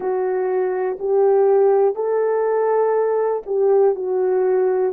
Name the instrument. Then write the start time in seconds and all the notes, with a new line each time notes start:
horn
0.00 F#4
0.99 G4
1.95 A4
3.46 G4
3.95 F#4